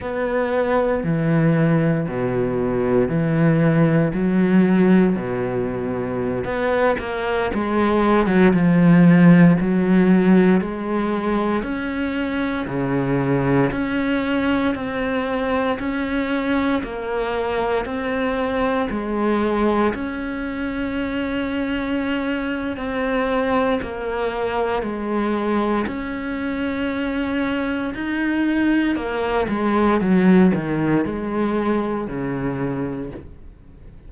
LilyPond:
\new Staff \with { instrumentName = "cello" } { \time 4/4 \tempo 4 = 58 b4 e4 b,4 e4 | fis4 b,4~ b,16 b8 ais8 gis8. | fis16 f4 fis4 gis4 cis'8.~ | cis'16 cis4 cis'4 c'4 cis'8.~ |
cis'16 ais4 c'4 gis4 cis'8.~ | cis'2 c'4 ais4 | gis4 cis'2 dis'4 | ais8 gis8 fis8 dis8 gis4 cis4 | }